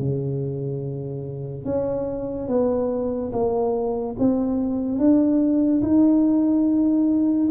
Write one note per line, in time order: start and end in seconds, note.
0.00 1.65 C#3
1.65 2.48 C#4
2.48 3.31 B3
3.33 4.16 A#3
4.19 4.98 C4
4.98 5.82 D4
5.83 7.49 D#4